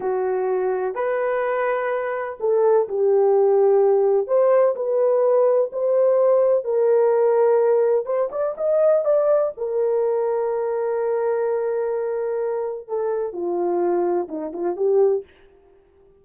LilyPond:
\new Staff \with { instrumentName = "horn" } { \time 4/4 \tempo 4 = 126 fis'2 b'2~ | b'4 a'4 g'2~ | g'4 c''4 b'2 | c''2 ais'2~ |
ais'4 c''8 d''8 dis''4 d''4 | ais'1~ | ais'2. a'4 | f'2 dis'8 f'8 g'4 | }